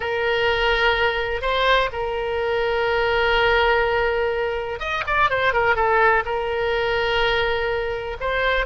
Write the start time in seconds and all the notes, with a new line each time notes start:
0.00 A#4
1.41 C5
1.92 A#4
4.79 D#5
5.06 D5
5.29 C5
5.53 A#4
5.75 A4
6.25 A#4
8.20 C5